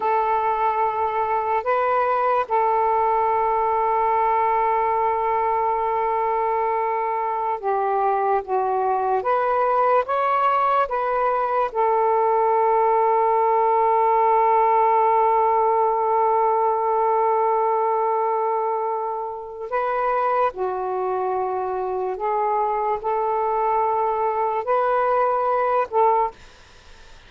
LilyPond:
\new Staff \with { instrumentName = "saxophone" } { \time 4/4 \tempo 4 = 73 a'2 b'4 a'4~ | a'1~ | a'4~ a'16 g'4 fis'4 b'8.~ | b'16 cis''4 b'4 a'4.~ a'16~ |
a'1~ | a'1 | b'4 fis'2 gis'4 | a'2 b'4. a'8 | }